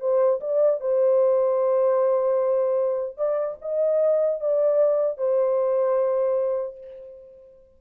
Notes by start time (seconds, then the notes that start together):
0.00 C5
0.41 D5
0.81 C5
3.18 D5
3.62 D#5
4.41 D5
5.18 C5